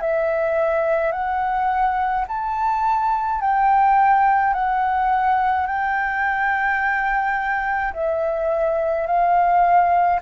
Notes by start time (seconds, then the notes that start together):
0.00 E5
1.12 F#5
2.27 A5
3.41 G5
4.53 F#5
5.66 G5
7.93 E5
9.06 F5